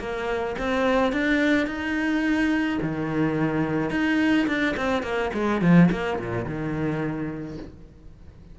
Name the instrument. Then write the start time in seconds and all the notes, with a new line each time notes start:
cello
0.00 A#3
0.59 C4
1.13 D4
1.67 D#4
2.83 D#3
3.91 D#4
4.48 D4
4.77 C4
5.03 A#3
5.34 G#3
5.62 F3
5.92 A#3
6.20 A#2
6.46 D#3